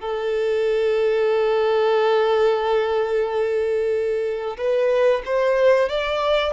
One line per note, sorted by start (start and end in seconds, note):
0.00 4.57 A4
4.57 5.22 B4
5.25 5.88 C5
5.88 6.52 D5